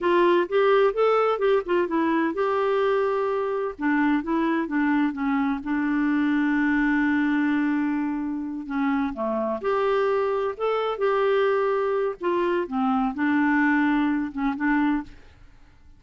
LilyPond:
\new Staff \with { instrumentName = "clarinet" } { \time 4/4 \tempo 4 = 128 f'4 g'4 a'4 g'8 f'8 | e'4 g'2. | d'4 e'4 d'4 cis'4 | d'1~ |
d'2~ d'8 cis'4 a8~ | a8 g'2 a'4 g'8~ | g'2 f'4 c'4 | d'2~ d'8 cis'8 d'4 | }